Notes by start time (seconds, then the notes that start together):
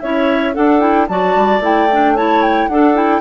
0.00 C#4 E4 C#5 E5
0.54 D4 A4 F#5
0.80 E4 G5
1.08 F#3 F#4 D5 A5
1.36 G3
1.60 A3 E4 G5
1.92 D4
2.15 E4 C#5 A5
2.42 G5
2.68 D4 A4 F#5
2.95 E4 G5